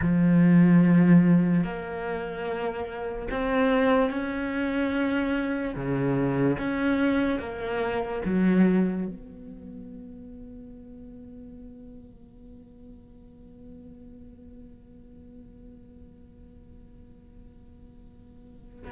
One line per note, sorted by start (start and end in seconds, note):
0.01 1.63 F3
1.63 3.28 A#3
3.31 4.10 C4
4.10 5.74 C#4
5.75 6.57 C#3
6.58 7.39 C#4
7.39 8.22 A#3
8.25 9.07 F#3
9.07 18.92 B3